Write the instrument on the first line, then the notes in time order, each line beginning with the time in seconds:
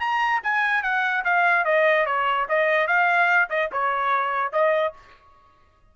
trumpet
0.00 A#5
0.43 G#5
0.83 F#5
1.25 F5
1.65 D#5
2.06 C#5
2.49 D#5
2.87 F5
3.50 D#5
3.72 C#5
4.52 D#5